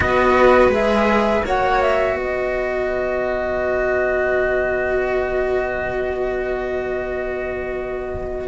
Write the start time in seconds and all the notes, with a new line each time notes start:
0.00 B3 F#4 B4 D#5
0.68 G#3 G#4 E5
1.44 A#3 F#4 C#5 F#5
1.81 E5
2.16 B3 B4 D#5